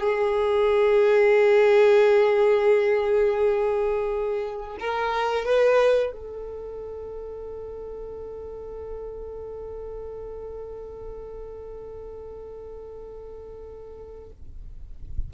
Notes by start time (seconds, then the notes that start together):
0.00 G#4
4.80 A#4
5.45 B4
6.12 A4